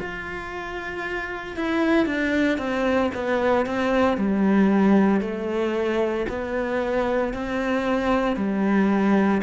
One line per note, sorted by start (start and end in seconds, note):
0.00 1.57 F4
1.57 2.07 E4
2.07 2.58 D4
2.58 3.11 C4
3.15 3.67 B3
3.67 4.18 C4
4.18 5.22 G3
5.22 6.27 A3
6.29 7.34 B3
7.34 8.37 C4
8.37 9.42 G3